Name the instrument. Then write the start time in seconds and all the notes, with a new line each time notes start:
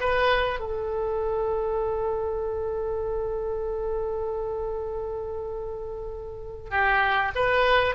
oboe
0.00 B4
0.60 A4
6.70 G4
7.35 B4